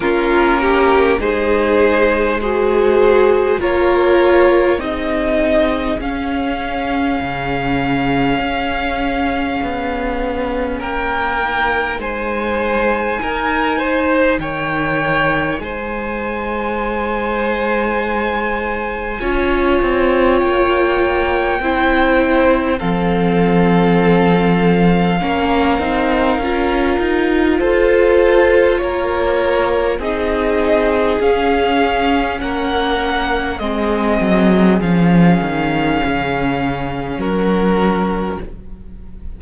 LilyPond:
<<
  \new Staff \with { instrumentName = "violin" } { \time 4/4 \tempo 4 = 50 ais'4 c''4 gis'4 cis''4 | dis''4 f''2.~ | f''4 g''4 gis''2 | g''4 gis''2.~ |
gis''4 g''2 f''4~ | f''2. c''4 | cis''4 dis''4 f''4 fis''4 | dis''4 f''2 ais'4 | }
  \new Staff \with { instrumentName = "violin" } { \time 4/4 f'8 g'8 gis'4 c''4 ais'4 | gis'1~ | gis'4 ais'4 c''4 ais'8 c''8 | cis''4 c''2. |
cis''2 c''4 a'4~ | a'4 ais'2 a'4 | ais'4 gis'2 ais'4 | gis'2. fis'4 | }
  \new Staff \with { instrumentName = "viola" } { \time 4/4 cis'4 dis'4 fis'4 f'4 | dis'4 cis'2.~ | cis'4. dis'2~ dis'8~ | dis'1 |
f'2 e'4 c'4~ | c'4 cis'8 dis'8 f'2~ | f'4 dis'4 cis'2 | c'4 cis'2. | }
  \new Staff \with { instrumentName = "cello" } { \time 4/4 ais4 gis2 ais4 | c'4 cis'4 cis4 cis'4 | b4 ais4 gis4 dis'4 | dis4 gis2. |
cis'8 c'8 ais4 c'4 f4~ | f4 ais8 c'8 cis'8 dis'8 f'4 | ais4 c'4 cis'4 ais4 | gis8 fis8 f8 dis8 cis4 fis4 | }
>>